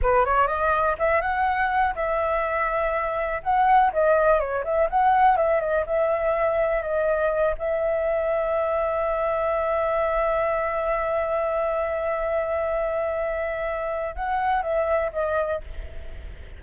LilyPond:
\new Staff \with { instrumentName = "flute" } { \time 4/4 \tempo 4 = 123 b'8 cis''8 dis''4 e''8 fis''4. | e''2. fis''4 | dis''4 cis''8 e''8 fis''4 e''8 dis''8 | e''2 dis''4. e''8~ |
e''1~ | e''1~ | e''1~ | e''4 fis''4 e''4 dis''4 | }